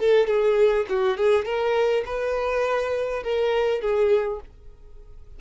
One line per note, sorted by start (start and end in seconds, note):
0.00 0.28 A4
0.28 0.86 G#4
0.90 1.18 F#4
1.18 1.46 G#4
1.46 2.05 A#4
2.06 3.24 B4
3.24 3.82 A#4
3.82 4.40 G#4